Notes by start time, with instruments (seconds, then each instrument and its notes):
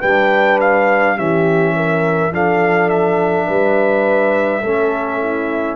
0.00 tuba G3, trombone D4, horn B4, trumpet G5
0.60 trumpet F5
1.16 tuba E3, trombone C#4, horn G4, trumpet E5
1.76 horn A#4
2.31 tuba F3, trombone D4, horn A4, trumpet F5
2.89 trumpet E5
3.47 tuba G3, horn B4
4.61 tuba A3, trombone C#4, horn A4
5.19 horn E4